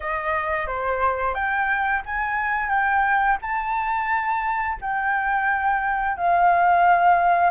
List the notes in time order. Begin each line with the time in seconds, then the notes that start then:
0.00 D#5
0.66 C5
1.34 G5
2.05 G#5
2.69 G5
3.41 A5
4.81 G5
6.17 F5